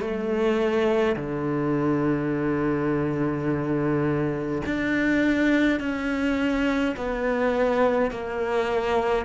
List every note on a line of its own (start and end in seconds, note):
0.00 1.15 A3
1.16 4.62 D3
4.65 5.80 D4
5.80 6.95 C#4
6.96 8.10 B3
8.10 9.25 A#3